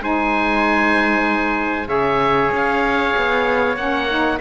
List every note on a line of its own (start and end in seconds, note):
0.00 1.87 G#3
0.00 1.86 D#4
0.00 1.88 C5
0.00 1.88 G#5
1.86 2.50 C#3
1.86 3.74 G#4
1.86 4.38 C#5
1.86 2.50 E5
2.51 3.14 C#4
2.51 3.76 F5
3.16 3.76 B3
3.76 4.38 A#3
3.76 4.08 C#4
3.76 4.39 F#5
4.09 4.40 D#4